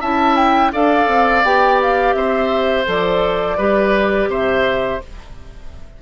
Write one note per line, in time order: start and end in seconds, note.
0.00 0.72 C#4
0.00 0.72 E4
0.00 0.71 E5
0.00 0.36 A5
0.36 0.71 G5
0.72 1.07 D4
0.72 1.44 A4
0.72 2.15 D5
0.72 1.44 F5
1.07 1.43 C4
1.43 2.14 B3
1.43 2.85 G4
1.43 1.80 G5
1.82 2.13 F5
2.13 2.85 C4
2.13 3.57 C5
2.13 2.85 E5
2.85 3.58 F3
2.85 3.56 A4
2.85 4.30 D5
3.57 4.27 G3
3.57 5.01 G4
3.57 4.29 B4
4.27 4.99 C3
4.27 5.01 C5
4.27 5.01 E5